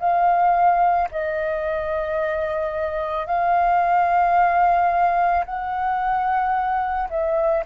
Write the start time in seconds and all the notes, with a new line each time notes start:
0.00 F5
1.12 D#5
3.27 F5
5.46 F#5
7.10 E5